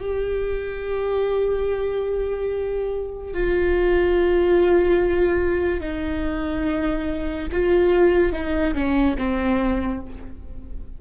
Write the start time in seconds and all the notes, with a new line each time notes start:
0.00 G4
3.33 F4
5.80 D#4
7.52 F4
8.32 D#4
8.74 C#4
9.17 C4